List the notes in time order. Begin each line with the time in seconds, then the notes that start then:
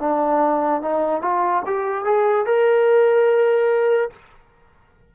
0.00 D4
0.82 D#4
1.22 F4
1.67 G4
2.05 G#4
2.46 A#4